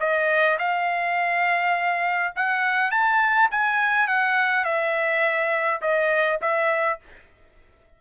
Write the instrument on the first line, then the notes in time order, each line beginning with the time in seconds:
trumpet
0.00 D#5
0.59 F5
2.36 F#5
2.91 A5
3.51 G#5
4.08 F#5
4.65 E5
5.82 D#5
6.42 E5